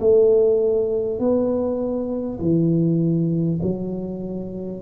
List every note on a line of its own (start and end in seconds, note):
0.00 1.19 A3
1.19 2.39 B3
2.39 3.59 E3
3.62 4.81 F#3